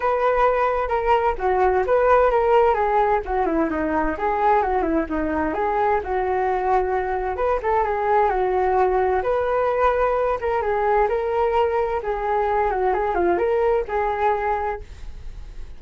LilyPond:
\new Staff \with { instrumentName = "flute" } { \time 4/4 \tempo 4 = 130 b'2 ais'4 fis'4 | b'4 ais'4 gis'4 fis'8 e'8 | dis'4 gis'4 fis'8 e'8 dis'4 | gis'4 fis'2. |
b'8 a'8 gis'4 fis'2 | b'2~ b'8 ais'8 gis'4 | ais'2 gis'4. fis'8 | gis'8 f'8 ais'4 gis'2 | }